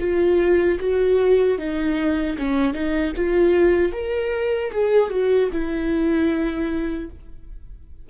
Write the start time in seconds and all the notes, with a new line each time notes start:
0.00 F4
0.80 F#4
1.59 D#4
2.38 C#4
2.74 D#4
3.17 F4
3.93 A#4
4.72 G#4
5.11 F#4
5.52 E4